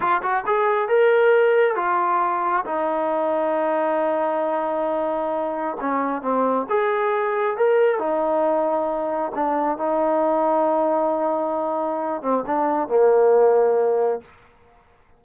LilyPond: \new Staff \with { instrumentName = "trombone" } { \time 4/4 \tempo 4 = 135 f'8 fis'8 gis'4 ais'2 | f'2 dis'2~ | dis'1~ | dis'4 cis'4 c'4 gis'4~ |
gis'4 ais'4 dis'2~ | dis'4 d'4 dis'2~ | dis'2.~ dis'8 c'8 | d'4 ais2. | }